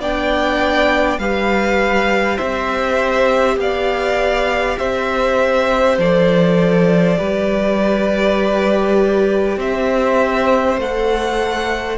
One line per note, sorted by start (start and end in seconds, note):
0.00 1.19 B3
0.00 1.20 D4
0.00 1.21 D5
0.00 1.19 G5
1.19 2.39 G3
1.19 6.00 G4
1.19 2.37 B4
1.19 2.38 F5
2.37 3.57 C4
2.37 3.56 C5
2.37 3.58 E5
3.57 4.77 B3
3.57 4.80 D5
3.57 4.78 F5
4.78 5.98 C4
4.78 7.19 C5
4.78 5.98 E5
5.98 7.18 F3
5.98 7.18 A4
5.98 9.60 D5
7.18 9.57 G3
7.18 10.78 G4
7.18 9.59 B4
9.57 10.77 C4
9.57 11.98 C5
9.57 10.80 E5
10.77 11.97 A3
10.77 11.98 A4
10.77 11.98 F#5